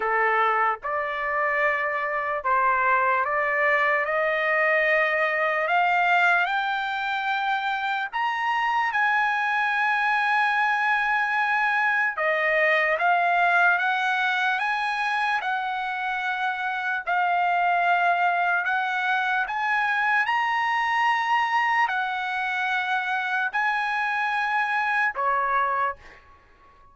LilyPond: \new Staff \with { instrumentName = "trumpet" } { \time 4/4 \tempo 4 = 74 a'4 d''2 c''4 | d''4 dis''2 f''4 | g''2 ais''4 gis''4~ | gis''2. dis''4 |
f''4 fis''4 gis''4 fis''4~ | fis''4 f''2 fis''4 | gis''4 ais''2 fis''4~ | fis''4 gis''2 cis''4 | }